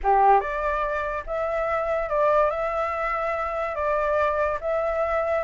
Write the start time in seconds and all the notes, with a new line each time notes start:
0.03 G4
0.40 D5
1.26 E5
2.09 D5
2.50 E5
3.75 D5
4.61 E5